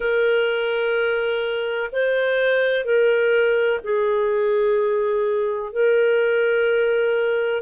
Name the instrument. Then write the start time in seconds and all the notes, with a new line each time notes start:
clarinet
0.00 A#4
1.92 C5
2.84 A#4
3.84 G#4
5.72 A#4